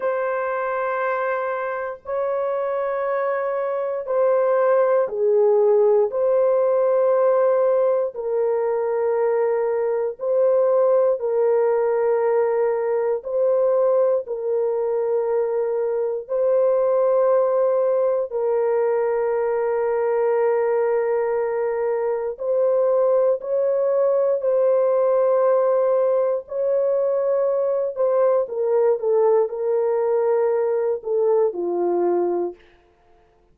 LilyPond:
\new Staff \with { instrumentName = "horn" } { \time 4/4 \tempo 4 = 59 c''2 cis''2 | c''4 gis'4 c''2 | ais'2 c''4 ais'4~ | ais'4 c''4 ais'2 |
c''2 ais'2~ | ais'2 c''4 cis''4 | c''2 cis''4. c''8 | ais'8 a'8 ais'4. a'8 f'4 | }